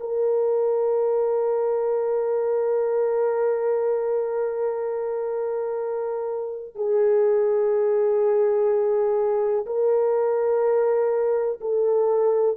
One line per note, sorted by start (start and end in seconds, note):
0.00 6.76 A#4
6.76 9.66 G#4
9.66 11.60 A#4
11.61 12.57 A4